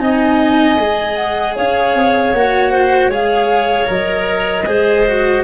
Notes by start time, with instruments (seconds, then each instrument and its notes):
0.00 tuba C4, cello D#4, clarinet D#5, flute G#5
0.78 tuba G#3, cello G#4
1.16 flute F#5
1.56 tuba C#4, clarinet C#5, flute F5
1.95 tuba C4
2.33 tuba A#3, cello F#4, flute F#5
2.72 clarinet C5
3.08 tuba G#3, cello G#4, clarinet C#5, flute F5
3.86 tuba F#3, cello A#4, flute D#5
4.66 tuba G#3, cello G#4, clarinet C5
5.06 cello F#4